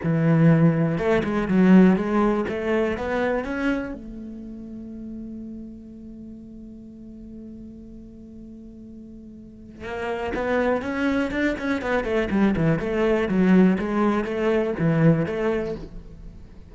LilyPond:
\new Staff \with { instrumentName = "cello" } { \time 4/4 \tempo 4 = 122 e2 a8 gis8 fis4 | gis4 a4 b4 cis'4 | a1~ | a1~ |
a1 | ais4 b4 cis'4 d'8 cis'8 | b8 a8 g8 e8 a4 fis4 | gis4 a4 e4 a4 | }